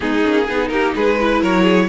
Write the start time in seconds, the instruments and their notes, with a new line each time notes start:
0.00 cello G#3, viola B3, violin D#4 G#4
0.23 cello A#3, viola C#4
0.44 cello B3, viola D#4, violin G#4
0.68 cello A#3, violin G4 A#4
0.95 cello G#3, violin G#4 B4
1.19 viola E4, violin B4
1.41 cello F#3, violin A#4 C#5
1.62 violin G#4